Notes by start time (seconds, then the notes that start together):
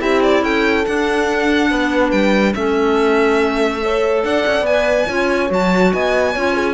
0.00 C4 E4 G4 E5
0.23 D5
0.43 C#4 A4 G5
0.86 D4 F#5
1.71 B3 B4
2.11 G3 G5
2.55 A3 C#4 A4 E5
3.81 A4 C#5
4.24 D4 D5 F#5
4.47 C#4
4.61 B3 G#5
4.69 B4
5.08 C#4 F4 C#5
5.49 F#3 F#4 A5
5.94 B3 D#5 G#5
6.33 C#4 F4 C#5
6.54 G#4